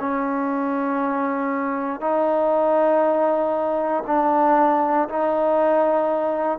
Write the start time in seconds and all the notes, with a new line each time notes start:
0.00 C#4
2.01 D#4
4.07 D4
5.09 D#4